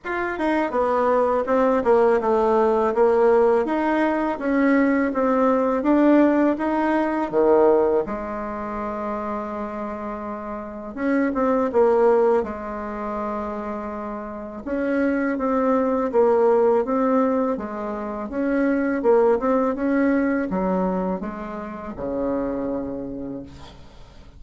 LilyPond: \new Staff \with { instrumentName = "bassoon" } { \time 4/4 \tempo 4 = 82 f'8 dis'8 b4 c'8 ais8 a4 | ais4 dis'4 cis'4 c'4 | d'4 dis'4 dis4 gis4~ | gis2. cis'8 c'8 |
ais4 gis2. | cis'4 c'4 ais4 c'4 | gis4 cis'4 ais8 c'8 cis'4 | fis4 gis4 cis2 | }